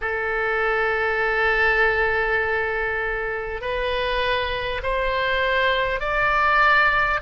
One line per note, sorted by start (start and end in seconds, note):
0.01 3.61 A4
3.61 4.81 B4
4.83 5.99 C5
5.99 7.19 D5